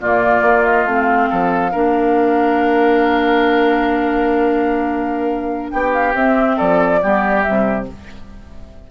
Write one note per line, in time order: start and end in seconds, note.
0.00 0.41 A#2
0.00 0.87 A#3
0.00 1.29 F4
0.00 0.65 D5
0.41 0.85 A#3
0.65 0.87 D#5
0.85 1.28 A3
0.85 1.71 C4
0.85 5.71 F5
1.29 1.73 F3
1.29 1.71 A4
1.71 5.72 A#3
1.71 6.14 D4
1.71 5.70 A#4
5.71 6.14 B3
5.71 6.56 G4
5.71 5.92 G5
5.92 6.14 F5
6.14 6.57 C4
6.14 7.01 C4
6.14 6.58 E5
6.56 7.02 F3
6.56 6.99 A4
6.56 7.42 D5
7.02 7.46 G3
7.02 7.44 B3
7.02 7.88 G4
7.42 7.91 C3
7.42 7.87 G3
7.42 7.85 E5